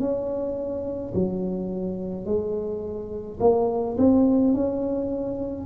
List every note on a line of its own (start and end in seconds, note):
0.00 1.13 C#4
1.15 2.26 F#3
2.26 3.40 G#3
3.41 3.97 A#3
3.98 4.54 C4
4.54 5.66 C#4